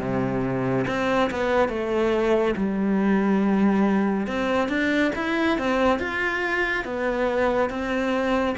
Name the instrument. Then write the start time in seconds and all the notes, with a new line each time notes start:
cello
0.00 C3
0.87 C4
1.31 B3
1.69 A3
2.56 G3
4.27 C4
4.69 D4
5.15 E4
5.58 C4
5.99 F4
6.85 B3
7.70 C4